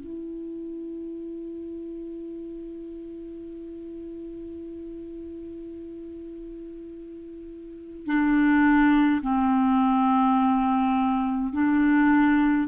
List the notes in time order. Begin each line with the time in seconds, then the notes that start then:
0.00 E4
8.06 D4
9.22 C4
11.53 D4